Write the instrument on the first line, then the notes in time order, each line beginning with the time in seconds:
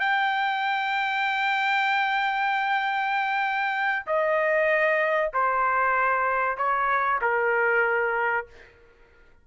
trumpet
0.00 G5
4.07 D#5
5.34 C5
6.57 C#5
7.22 A#4